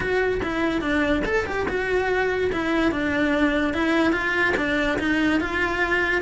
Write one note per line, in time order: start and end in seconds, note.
0.00 0.41 F#4
0.43 0.81 E4
0.81 1.22 D4
1.25 1.45 A4
1.46 1.66 G4
1.68 2.51 F#4
2.52 2.91 E4
2.91 3.73 D4
3.73 4.12 E4
4.12 4.53 F4
4.56 4.98 D4
4.99 5.40 D#4
5.40 6.21 F4